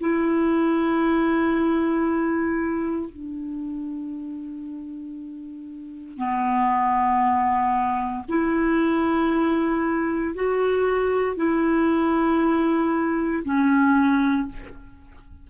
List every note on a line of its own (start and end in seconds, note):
0.00 3.09 E4
3.09 6.17 D4
6.17 8.24 B3
8.29 10.34 E4
10.34 11.36 F#4
11.36 13.43 E4
13.44 14.48 C#4